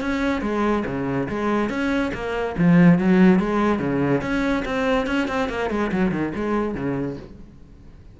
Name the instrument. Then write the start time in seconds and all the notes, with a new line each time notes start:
cello
0.00 C#4
0.41 G#3
0.85 C#3
1.29 G#3
1.69 C#4
2.13 A#3
2.57 F3
2.98 F#3
3.39 G#3
3.79 C#3
4.21 C#4
4.65 C4
5.06 C#4
5.27 C4
5.49 A#3
5.70 G#3
5.91 F#3
6.11 D#3
6.35 G#3
6.74 C#3